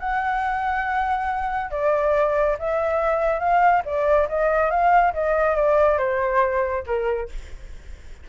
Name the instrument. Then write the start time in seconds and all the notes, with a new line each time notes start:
flute
0.00 F#5
1.71 D5
2.59 E5
3.40 F5
3.85 D5
4.29 D#5
4.71 F5
5.14 D#5
5.56 D5
5.98 C5
6.86 A#4